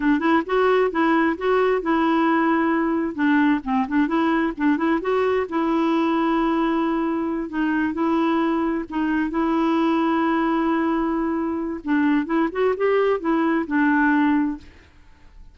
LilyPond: \new Staff \with { instrumentName = "clarinet" } { \time 4/4 \tempo 4 = 132 d'8 e'8 fis'4 e'4 fis'4 | e'2. d'4 | c'8 d'8 e'4 d'8 e'8 fis'4 | e'1~ |
e'8 dis'4 e'2 dis'8~ | dis'8 e'2.~ e'8~ | e'2 d'4 e'8 fis'8 | g'4 e'4 d'2 | }